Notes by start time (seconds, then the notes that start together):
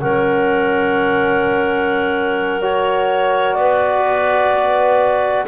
0.00 F#3 C#4 A#4 F#5
2.62 F#4 C#5
3.54 B3 D5
3.60 B4